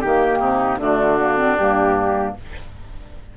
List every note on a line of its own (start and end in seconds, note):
0.00 0.39 D#3
0.00 0.79 A#3
0.00 0.38 G4
0.00 0.78 G4
0.39 0.77 C3
0.39 0.78 D#4
0.77 1.54 D3
0.77 1.18 A3
0.77 2.35 D4
0.77 1.56 F#4
1.19 1.37 A#3
1.37 1.56 C4
1.57 2.35 G2
1.57 2.37 A#3
1.57 2.34 G4